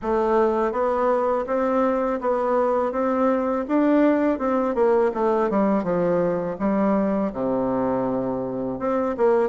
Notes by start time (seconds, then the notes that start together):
0.02 A3
0.72 B3
1.46 C4
2.21 B3
2.91 C4
3.68 D4
4.38 C4
4.74 A#3
5.14 A3
5.49 G3
5.83 F3
6.59 G3
7.32 C3
8.79 C4
9.17 A#3